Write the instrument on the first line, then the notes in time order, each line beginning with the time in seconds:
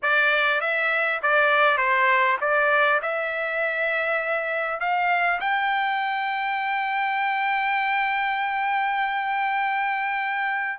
trumpet
0.02 D5
0.60 E5
1.22 D5
1.77 C5
2.40 D5
3.02 E5
4.79 F5
5.40 G5